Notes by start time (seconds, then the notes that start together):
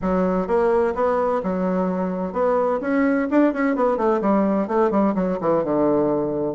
0.01 F#3
0.47 A#3
0.94 B3
1.43 F#3
2.32 B3
2.81 C#4
3.30 D4
3.53 C#4
3.75 B3
3.97 A3
4.21 G3
4.67 A3
4.90 G3
5.14 F#3
5.40 E3
5.64 D3